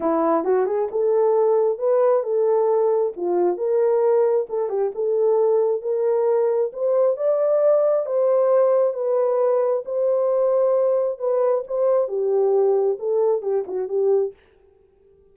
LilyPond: \new Staff \with { instrumentName = "horn" } { \time 4/4 \tempo 4 = 134 e'4 fis'8 gis'8 a'2 | b'4 a'2 f'4 | ais'2 a'8 g'8 a'4~ | a'4 ais'2 c''4 |
d''2 c''2 | b'2 c''2~ | c''4 b'4 c''4 g'4~ | g'4 a'4 g'8 fis'8 g'4 | }